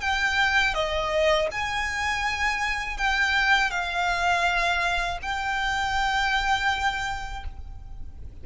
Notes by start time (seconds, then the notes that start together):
0.00 G5
0.74 D#5
1.51 G#5
2.97 G5
3.70 F5
5.22 G5